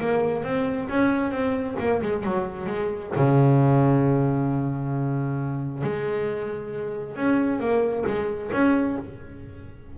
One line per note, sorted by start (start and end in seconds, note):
0.00 0.43 A#3
0.43 0.88 C4
0.89 1.31 C#4
1.31 1.76 C4
1.79 2.01 A#3
2.02 2.23 G#3
2.23 2.66 F#3
2.66 3.11 G#3
3.15 5.83 C#3
5.83 7.16 G#3
7.16 7.60 C#4
7.60 8.04 A#3
8.06 8.51 G#3
8.52 8.97 C#4